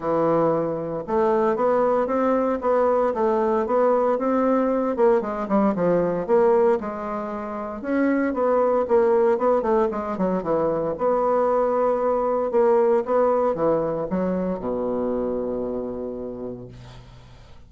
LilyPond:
\new Staff \with { instrumentName = "bassoon" } { \time 4/4 \tempo 4 = 115 e2 a4 b4 | c'4 b4 a4 b4 | c'4. ais8 gis8 g8 f4 | ais4 gis2 cis'4 |
b4 ais4 b8 a8 gis8 fis8 | e4 b2. | ais4 b4 e4 fis4 | b,1 | }